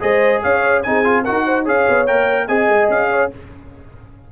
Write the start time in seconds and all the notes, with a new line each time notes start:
0.00 G#3 G#4 C5 D#5
0.42 C#4 C#5 F5
0.82 C4 D#4 G#4 G#5
1.04 F4
1.24 D#4 F#4 A#4 F#5
1.45 C5
1.63 C#4 G#4 C#5 F5
1.89 B3
2.06 A#3 A#4 G5
2.47 C4 G#4 D#5 G#5
2.68 G#3
2.89 C#4 F5
3.10 C#5